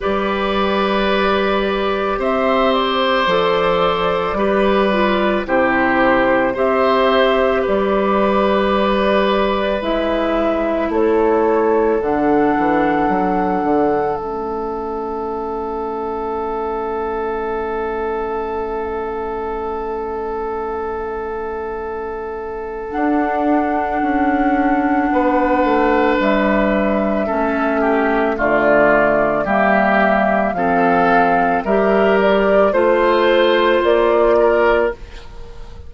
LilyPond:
<<
  \new Staff \with { instrumentName = "flute" } { \time 4/4 \tempo 4 = 55 d''2 e''8 d''4.~ | d''4 c''4 e''4 d''4~ | d''4 e''4 cis''4 fis''4~ | fis''4 e''2.~ |
e''1~ | e''4 fis''2. | e''2 d''4 e''4 | f''4 e''8 d''8 c''4 d''4 | }
  \new Staff \with { instrumentName = "oboe" } { \time 4/4 b'2 c''2 | b'4 g'4 c''4 b'4~ | b'2 a'2~ | a'1~ |
a'1~ | a'2. b'4~ | b'4 a'8 g'8 f'4 g'4 | a'4 ais'4 c''4. ais'8 | }
  \new Staff \with { instrumentName = "clarinet" } { \time 4/4 g'2. a'4 | g'8 f'8 e'4 g'2~ | g'4 e'2 d'4~ | d'4 cis'2.~ |
cis'1~ | cis'4 d'2.~ | d'4 cis'4 a4 ais4 | c'4 g'4 f'2 | }
  \new Staff \with { instrumentName = "bassoon" } { \time 4/4 g2 c'4 f4 | g4 c4 c'4 g4~ | g4 gis4 a4 d8 e8 | fis8 d8 a2.~ |
a1~ | a4 d'4 cis'4 b8 a8 | g4 a4 d4 g4 | f4 g4 a4 ais4 | }
>>